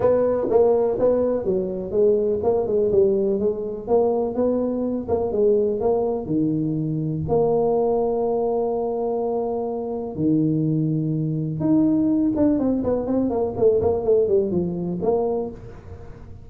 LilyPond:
\new Staff \with { instrumentName = "tuba" } { \time 4/4 \tempo 4 = 124 b4 ais4 b4 fis4 | gis4 ais8 gis8 g4 gis4 | ais4 b4. ais8 gis4 | ais4 dis2 ais4~ |
ais1~ | ais4 dis2. | dis'4. d'8 c'8 b8 c'8 ais8 | a8 ais8 a8 g8 f4 ais4 | }